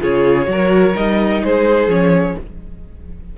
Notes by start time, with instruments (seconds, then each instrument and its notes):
0.00 cello C#3, viola F4, violin G#4 C#5
0.46 cello F#3, viola F#4, violin A#4
0.94 cello G3, viola D#4, violin D#5
1.43 cello G#3, violin G#4 C5
1.87 cello F3, viola C#4, violin C#5